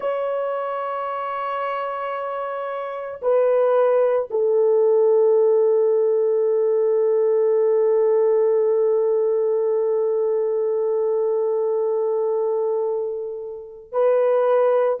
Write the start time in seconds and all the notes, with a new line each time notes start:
0.00 C#5
3.21 B4
4.30 A4
13.91 B4